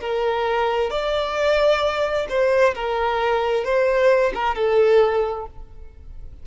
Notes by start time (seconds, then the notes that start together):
0.00 A#4
0.90 D5
2.29 C5
2.75 A#4
3.64 C5
4.34 A#4
4.55 A4